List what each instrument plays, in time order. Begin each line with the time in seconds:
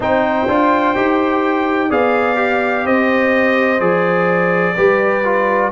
0.00 tuba C4, trombone D#4, horn C5, trumpet G5
0.47 tuba D4, trombone F4
0.95 tuba D#4, trombone G4
1.89 tuba B3, trombone G#4, horn D5, trumpet F5
2.35 trombone G4
2.85 tuba C4, horn C5, trumpet D#5
3.80 tuba F3, trombone G#4, trumpet D5
4.75 tuba G3, trombone G4, horn B4
5.24 trombone F4